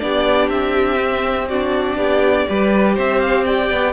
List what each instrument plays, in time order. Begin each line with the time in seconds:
0.00 cello B3, viola D4, violin G4 D5
0.50 cello C4, violin E5
0.98 viola C4
1.49 viola D4, violin F#4 D5
1.97 cello B3, violin G4
2.48 cello G3, viola G4, violin B4
2.95 cello C4, violin C5 E5
3.21 violin F5
3.45 violin D5 G5
3.71 cello B3